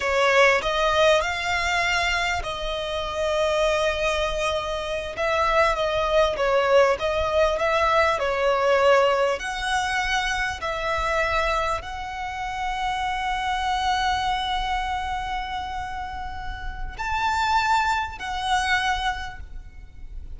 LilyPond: \new Staff \with { instrumentName = "violin" } { \time 4/4 \tempo 4 = 99 cis''4 dis''4 f''2 | dis''1~ | dis''8 e''4 dis''4 cis''4 dis''8~ | dis''8 e''4 cis''2 fis''8~ |
fis''4. e''2 fis''8~ | fis''1~ | fis''1 | a''2 fis''2 | }